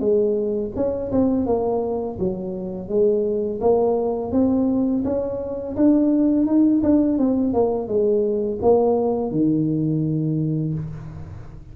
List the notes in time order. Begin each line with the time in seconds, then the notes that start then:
0.00 G#3
0.76 C#4
1.12 C4
1.46 A#3
2.19 F#3
2.89 G#3
3.61 A#3
4.32 C4
5.05 C#4
5.76 D4
6.47 D#4
6.83 D4
7.19 C4
7.54 A#3
7.88 G#3
8.62 A#3
9.31 D#3